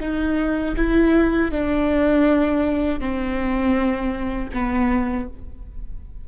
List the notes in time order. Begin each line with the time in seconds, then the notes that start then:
0.00 D#4
0.76 E4
1.51 D4
3.00 C4
4.53 B3